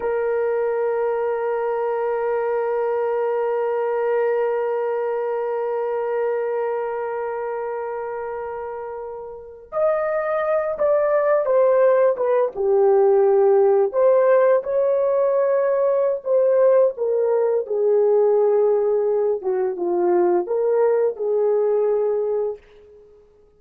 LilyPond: \new Staff \with { instrumentName = "horn" } { \time 4/4 \tempo 4 = 85 ais'1~ | ais'1~ | ais'1~ | ais'4.~ ais'16 dis''4. d''8.~ |
d''16 c''4 b'8 g'2 c''16~ | c''8. cis''2~ cis''16 c''4 | ais'4 gis'2~ gis'8 fis'8 | f'4 ais'4 gis'2 | }